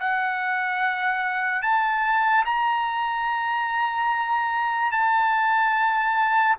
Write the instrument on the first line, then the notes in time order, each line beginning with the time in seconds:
trumpet
0.00 F#5
1.63 A5
2.45 A#5
4.92 A5